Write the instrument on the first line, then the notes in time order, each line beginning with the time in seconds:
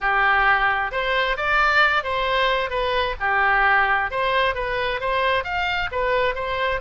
oboe
0.01 G4
0.91 C5
1.36 D5
2.03 C5
2.69 B4
3.20 G4
4.10 C5
4.54 B4
5.00 C5
5.44 F5
5.91 B4
6.35 C5